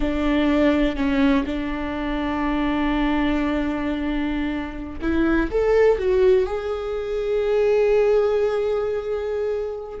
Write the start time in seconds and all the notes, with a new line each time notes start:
0.00 D4
0.95 C#4
1.46 D4
5.01 E4
5.50 A4
5.98 F#4
6.45 G#4